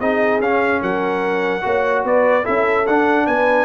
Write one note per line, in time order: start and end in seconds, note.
0.00 0.41 C4
0.00 0.42 D#4
0.00 0.82 G#4
0.00 0.41 D#5
0.41 0.82 C#4
0.41 1.62 C#4
0.41 0.83 F5
0.82 1.64 F#3
0.82 1.63 A#4
0.82 2.05 F#5
1.62 2.05 A#3
1.62 2.43 F#4
1.62 2.05 C#5
2.05 2.46 B3
2.05 2.44 B4
2.05 2.46 D5
2.44 2.88 C#4
2.44 2.84 E4
2.44 3.26 A4
2.44 2.87 E5
2.87 3.27 D4
2.87 3.65 D4
2.87 3.27 F#5
3.27 3.65 B3
3.27 3.65 B4
3.27 3.65 G#5